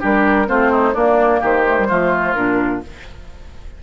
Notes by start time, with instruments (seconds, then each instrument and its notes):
0.00 bassoon G3, clarinet D4, oboe G4, flute A#4
0.47 bassoon A3, clarinet C4, oboe F4, flute C5
0.71 oboe D#4
0.93 clarinet A#3, bassoon A#3, oboe D4, flute D5
1.40 bassoon D#3, oboe G4, flute C5
1.67 clarinet A3
1.78 clarinet G3
1.89 bassoon F3, clarinet A3, oboe F4
2.34 bassoon A#2, clarinet D4, flute A#4